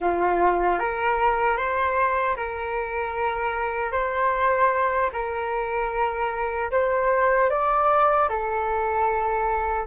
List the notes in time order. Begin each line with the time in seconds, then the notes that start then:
0.00 F4
0.79 A#4
1.57 C5
2.36 A#4
3.92 C5
5.12 A#4
6.71 C5
7.50 D5
8.29 A4